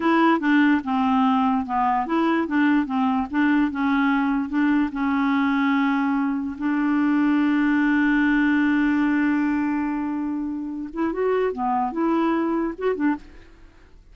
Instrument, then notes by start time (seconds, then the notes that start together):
clarinet
0.00 E4
0.40 D4
0.84 C4
1.66 B3
2.06 E4
2.47 D4
2.86 C4
3.30 D4
3.71 C#4
4.49 D4
4.91 C#4
6.58 D4
10.93 E4
11.13 F#4
11.52 B3
11.91 E4
12.78 F#4
12.95 D4